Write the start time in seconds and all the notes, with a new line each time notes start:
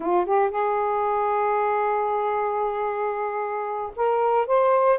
0.00 F4
0.25 G4
0.50 G#4
3.95 A#4
4.46 C5